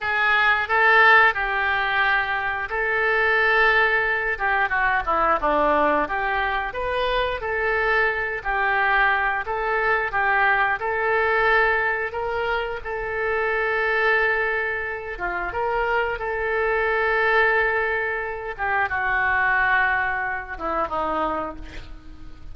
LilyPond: \new Staff \with { instrumentName = "oboe" } { \time 4/4 \tempo 4 = 89 gis'4 a'4 g'2 | a'2~ a'8 g'8 fis'8 e'8 | d'4 g'4 b'4 a'4~ | a'8 g'4. a'4 g'4 |
a'2 ais'4 a'4~ | a'2~ a'8 f'8 ais'4 | a'2.~ a'8 g'8 | fis'2~ fis'8 e'8 dis'4 | }